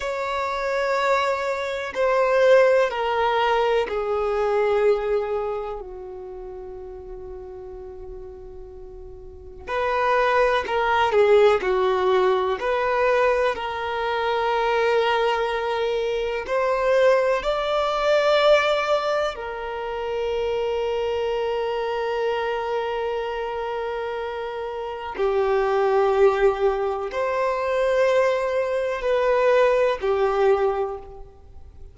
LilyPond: \new Staff \with { instrumentName = "violin" } { \time 4/4 \tempo 4 = 62 cis''2 c''4 ais'4 | gis'2 fis'2~ | fis'2 b'4 ais'8 gis'8 | fis'4 b'4 ais'2~ |
ais'4 c''4 d''2 | ais'1~ | ais'2 g'2 | c''2 b'4 g'4 | }